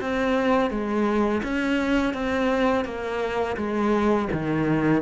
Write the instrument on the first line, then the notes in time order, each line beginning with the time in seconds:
cello
0.00 C4
0.70 G#3
1.43 C#4
2.13 C4
2.84 A#3
3.56 G#3
4.32 D#3